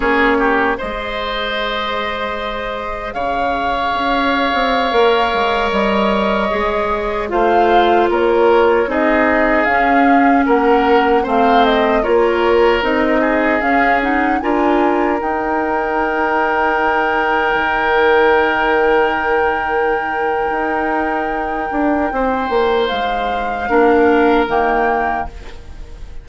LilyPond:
<<
  \new Staff \with { instrumentName = "flute" } { \time 4/4 \tempo 4 = 76 cis''4 dis''2. | f''2.~ f''16 dis''8.~ | dis''4~ dis''16 f''4 cis''4 dis''8.~ | dis''16 f''4 fis''4 f''8 dis''8 cis''8.~ |
cis''16 dis''4 f''8 fis''8 gis''4 g''8.~ | g''1~ | g''1~ | g''4 f''2 g''4 | }
  \new Staff \with { instrumentName = "oboe" } { \time 4/4 gis'8 g'8 c''2. | cis''1~ | cis''4~ cis''16 c''4 ais'4 gis'8.~ | gis'4~ gis'16 ais'4 c''4 ais'8.~ |
ais'8. gis'4. ais'4.~ ais'16~ | ais'1~ | ais'1 | c''2 ais'2 | }
  \new Staff \with { instrumentName = "clarinet" } { \time 4/4 cis'4 gis'2.~ | gis'2~ gis'16 ais'4.~ ais'16~ | ais'16 gis'4 f'2 dis'8.~ | dis'16 cis'2 c'4 f'8.~ |
f'16 dis'4 cis'8 dis'8 f'4 dis'8.~ | dis'1~ | dis'1~ | dis'2 d'4 ais4 | }
  \new Staff \with { instrumentName = "bassoon" } { \time 4/4 ais4 gis2. | cis4 cis'8. c'8 ais8 gis8 g8.~ | g16 gis4 a4 ais4 c'8.~ | c'16 cis'4 ais4 a4 ais8.~ |
ais16 c'4 cis'4 d'4 dis'8.~ | dis'2~ dis'16 dis4.~ dis16~ | dis2 dis'4. d'8 | c'8 ais8 gis4 ais4 dis4 | }
>>